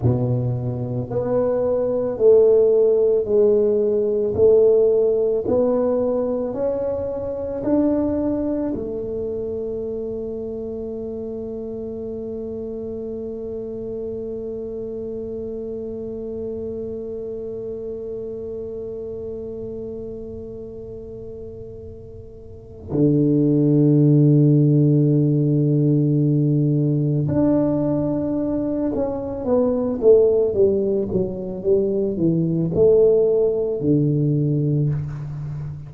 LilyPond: \new Staff \with { instrumentName = "tuba" } { \time 4/4 \tempo 4 = 55 b,4 b4 a4 gis4 | a4 b4 cis'4 d'4 | a1~ | a1~ |
a1~ | a4 d2.~ | d4 d'4. cis'8 b8 a8 | g8 fis8 g8 e8 a4 d4 | }